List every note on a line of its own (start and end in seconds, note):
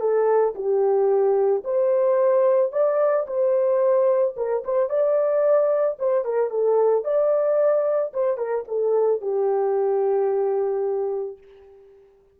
0.00 0.54 A4
0.55 1.63 G4
1.64 2.72 C5
2.72 3.26 D5
3.27 4.35 C5
4.36 4.63 A#4
4.64 4.89 C5
4.89 5.97 D5
5.99 6.24 C5
6.24 6.50 A#4
6.50 7.04 A4
7.04 8.12 D5
8.13 8.37 C5
8.37 8.64 A#4
8.67 9.21 A4
9.21 11.38 G4